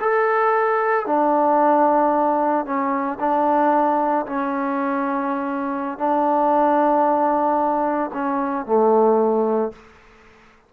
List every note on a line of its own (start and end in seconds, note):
0.00 1.06 A4
1.06 2.65 D4
2.65 3.18 C#4
3.20 4.26 D4
4.26 5.98 C#4
5.98 8.10 D4
8.13 8.65 C#4
8.65 9.72 A3